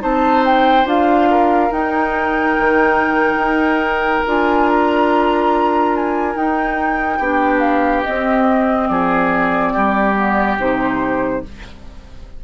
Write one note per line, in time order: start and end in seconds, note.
0.00 0.85 C4
0.00 0.85 D#4
0.00 1.29 C5
0.00 0.44 A5
0.45 0.87 G5
0.85 1.70 D4
0.85 1.70 F4
0.85 1.72 F5
1.30 7.18 A#4
1.71 4.24 D#4
1.71 2.56 D#4
1.71 4.26 G5
2.58 3.36 D#3
3.36 4.20 D#4
4.26 6.36 D4
4.26 6.35 F4
4.26 4.70 G#5
4.70 5.96 A#5
5.96 6.36 G#5
6.35 7.20 D#4
6.35 7.19 D#4
6.35 7.60 G5
7.18 8.03 B3
7.18 8.05 D4
7.18 8.87 G4
7.60 8.02 F5
8.03 10.15 C4
8.03 8.89 C4
8.03 8.88 D#5
8.88 9.74 F3
8.88 9.73 G#4
8.88 10.57 D5
9.73 10.58 G3
9.73 11.42 G4
10.15 10.57 B3
10.58 11.43 C3
10.58 11.43 D#4
10.58 11.44 C5